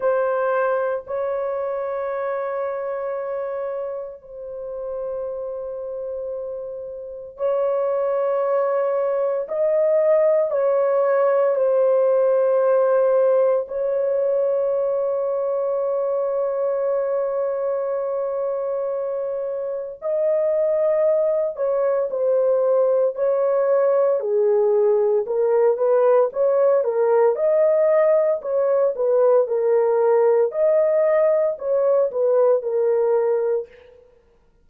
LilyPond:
\new Staff \with { instrumentName = "horn" } { \time 4/4 \tempo 4 = 57 c''4 cis''2. | c''2. cis''4~ | cis''4 dis''4 cis''4 c''4~ | c''4 cis''2.~ |
cis''2. dis''4~ | dis''8 cis''8 c''4 cis''4 gis'4 | ais'8 b'8 cis''8 ais'8 dis''4 cis''8 b'8 | ais'4 dis''4 cis''8 b'8 ais'4 | }